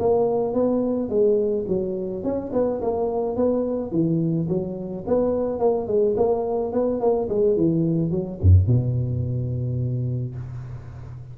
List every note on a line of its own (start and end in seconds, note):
0.00 0.54 A#3
0.54 1.10 B3
1.10 1.66 G#3
1.68 2.24 F#3
2.24 2.52 C#4
2.53 2.81 B3
2.82 3.36 A#3
3.36 3.92 B3
3.92 4.48 E3
4.49 5.05 F#3
5.07 5.60 B3
5.60 5.88 A#3
5.88 6.16 G#3
6.17 6.73 A#3
6.73 7.01 B3
7.01 7.29 A#3
7.30 7.57 G#3
7.57 8.11 E3
8.11 8.39 F#3
8.42 8.67 F#2
8.67 10.36 B2